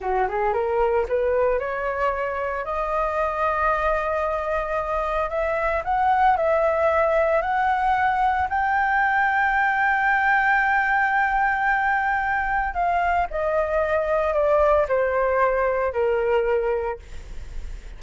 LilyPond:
\new Staff \with { instrumentName = "flute" } { \time 4/4 \tempo 4 = 113 fis'8 gis'8 ais'4 b'4 cis''4~ | cis''4 dis''2.~ | dis''2 e''4 fis''4 | e''2 fis''2 |
g''1~ | g''1 | f''4 dis''2 d''4 | c''2 ais'2 | }